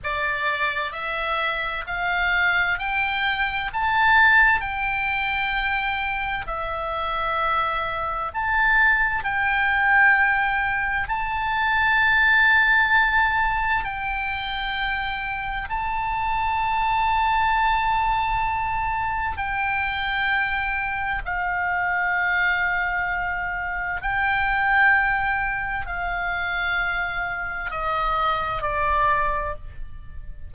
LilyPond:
\new Staff \with { instrumentName = "oboe" } { \time 4/4 \tempo 4 = 65 d''4 e''4 f''4 g''4 | a''4 g''2 e''4~ | e''4 a''4 g''2 | a''2. g''4~ |
g''4 a''2.~ | a''4 g''2 f''4~ | f''2 g''2 | f''2 dis''4 d''4 | }